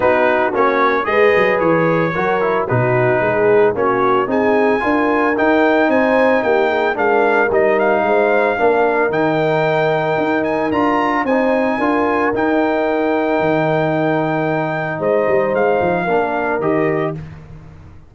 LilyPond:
<<
  \new Staff \with { instrumentName = "trumpet" } { \time 4/4 \tempo 4 = 112 b'4 cis''4 dis''4 cis''4~ | cis''4 b'2 cis''4 | gis''2 g''4 gis''4 | g''4 f''4 dis''8 f''4.~ |
f''4 g''2~ g''8 gis''8 | ais''4 gis''2 g''4~ | g''1 | dis''4 f''2 dis''4 | }
  \new Staff \with { instrumentName = "horn" } { \time 4/4 fis'2 b'2 | ais'4 fis'4 gis'4 fis'4 | gis'4 ais'2 c''4 | g'8 gis'8 ais'2 c''4 |
ais'1~ | ais'4 c''4 ais'2~ | ais'1 | c''2 ais'2 | }
  \new Staff \with { instrumentName = "trombone" } { \time 4/4 dis'4 cis'4 gis'2 | fis'8 e'8 dis'2 cis'4 | dis'4 f'4 dis'2~ | dis'4 d'4 dis'2 |
d'4 dis'2. | f'4 dis'4 f'4 dis'4~ | dis'1~ | dis'2 d'4 g'4 | }
  \new Staff \with { instrumentName = "tuba" } { \time 4/4 b4 ais4 gis8 fis8 e4 | fis4 b,4 gis4 ais4 | c'4 d'4 dis'4 c'4 | ais4 gis4 g4 gis4 |
ais4 dis2 dis'4 | d'4 c'4 d'4 dis'4~ | dis'4 dis2. | gis8 g8 gis8 f8 ais4 dis4 | }
>>